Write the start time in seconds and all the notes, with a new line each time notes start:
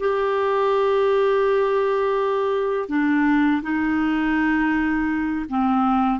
0.00 G4
2.89 D4
3.63 D#4
5.50 C4